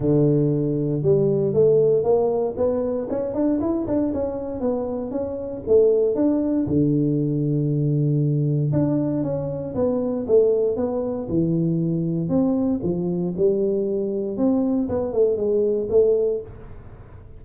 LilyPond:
\new Staff \with { instrumentName = "tuba" } { \time 4/4 \tempo 4 = 117 d2 g4 a4 | ais4 b4 cis'8 d'8 e'8 d'8 | cis'4 b4 cis'4 a4 | d'4 d2.~ |
d4 d'4 cis'4 b4 | a4 b4 e2 | c'4 f4 g2 | c'4 b8 a8 gis4 a4 | }